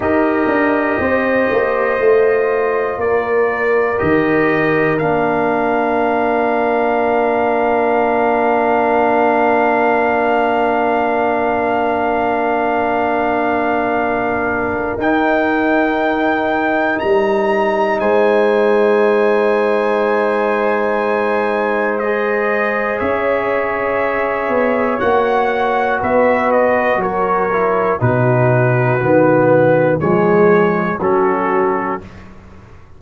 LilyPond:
<<
  \new Staff \with { instrumentName = "trumpet" } { \time 4/4 \tempo 4 = 60 dis''2. d''4 | dis''4 f''2.~ | f''1~ | f''2. g''4~ |
g''4 ais''4 gis''2~ | gis''2 dis''4 e''4~ | e''4 fis''4 e''8 dis''8 cis''4 | b'2 cis''4 a'4 | }
  \new Staff \with { instrumentName = "horn" } { \time 4/4 ais'4 c''2 ais'4~ | ais'1~ | ais'1~ | ais'1~ |
ais'2 c''2~ | c''2. cis''4~ | cis''2 b'4 ais'4 | fis'2 gis'4 fis'4 | }
  \new Staff \with { instrumentName = "trombone" } { \time 4/4 g'2 f'2 | g'4 d'2.~ | d'1~ | d'2. dis'4~ |
dis'1~ | dis'2 gis'2~ | gis'4 fis'2~ fis'8 e'8 | dis'4 b4 gis4 cis'4 | }
  \new Staff \with { instrumentName = "tuba" } { \time 4/4 dis'8 d'8 c'8 ais8 a4 ais4 | dis4 ais2.~ | ais1~ | ais2. dis'4~ |
dis'4 g4 gis2~ | gis2. cis'4~ | cis'8 b8 ais4 b4 fis4 | b,4 dis4 f4 fis4 | }
>>